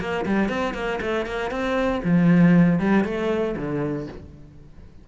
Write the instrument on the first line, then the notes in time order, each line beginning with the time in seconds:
cello
0.00 A#3
0.26 G3
0.49 C4
0.74 A#3
1.01 A3
1.26 A#3
1.51 C4
2.04 F3
2.79 G3
3.04 A3
3.57 D3